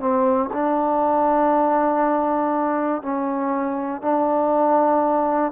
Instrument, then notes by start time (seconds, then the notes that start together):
trombone
0.00 C4
0.53 D4
3.02 C#4
4.02 D4